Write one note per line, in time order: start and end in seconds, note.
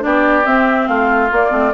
0.00 0.46 B3
0.00 0.43 D4
0.00 0.89 G4
0.00 0.46 D5
0.45 1.30 C4
0.45 0.88 C4
0.45 0.88 E5
0.88 1.31 A3
0.88 1.74 F4
0.88 1.30 F5
1.32 1.51 A#3
1.32 1.74 D5
1.51 1.73 A3
1.51 1.72 C4